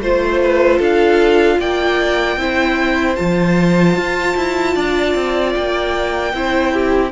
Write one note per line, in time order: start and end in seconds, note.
0.00 0.79 A3
0.00 2.39 F4
0.00 0.42 C5
0.00 0.82 C5
0.43 0.78 B4
0.78 1.59 D4
0.78 1.57 A4
0.78 1.60 F5
1.60 2.37 A#3
1.60 2.39 D5
1.60 3.16 G5
2.37 3.16 C4
2.37 3.17 E4
2.37 4.75 C5
3.16 3.96 F3
3.16 6.33 F4
3.16 5.53 A5
3.96 4.36 F4
4.37 4.76 E4
4.75 5.15 D4
4.75 6.33 D5
5.15 5.55 C4
5.55 6.34 A#3
5.55 7.12 G5
6.34 7.12 C4
6.34 7.12 E4
6.34 6.74 C5
6.74 7.12 G4